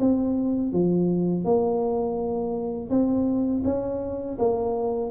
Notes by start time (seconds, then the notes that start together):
0.00 C4
0.73 F3
1.45 A#3
2.90 C4
3.65 C#4
4.39 A#3